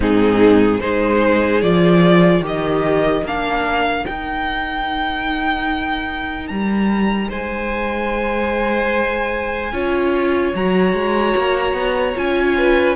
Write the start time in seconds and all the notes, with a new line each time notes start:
0.00 G#2 C4 D#4 G#4
0.80 G#3 D#4 G#4 C5
1.61 F3 F4 D5
2.40 D#3 G4 A#4
2.46 D#5
3.23 A#3 D4 F5
4.06 D#4 G5
6.47 G3 A#5
7.29 G#3 C5 G#5
9.72 C#4 F4 C#5
10.54 F#3 F#4 A#5
10.93 G#3
11.36 A#3
11.72 B3
12.15 C#4 F4 G#5
12.57 B4